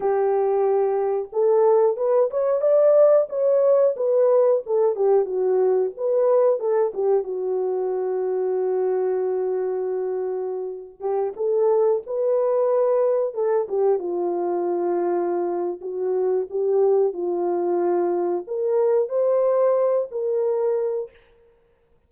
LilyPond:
\new Staff \with { instrumentName = "horn" } { \time 4/4 \tempo 4 = 91 g'2 a'4 b'8 cis''8 | d''4 cis''4 b'4 a'8 g'8 | fis'4 b'4 a'8 g'8 fis'4~ | fis'1~ |
fis'8. g'8 a'4 b'4.~ b'16~ | b'16 a'8 g'8 f'2~ f'8. | fis'4 g'4 f'2 | ais'4 c''4. ais'4. | }